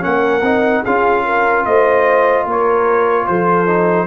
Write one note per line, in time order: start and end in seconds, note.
0.00 0.41 A#3
0.00 0.41 C#4
0.00 0.83 A#4
0.00 0.84 F#5
0.41 0.82 C4
0.41 0.85 D#4
0.83 1.66 C#4
0.83 3.66 F4
0.83 1.23 G#4
0.83 1.65 F5
1.25 1.65 A#4
1.65 2.45 A3
1.65 2.44 C5
1.65 2.46 D#5
2.44 3.26 A#3
2.44 3.25 A#4
2.51 3.27 C#5
3.27 4.07 F3
3.27 4.07 A4
3.27 4.07 C5
3.66 4.07 D#4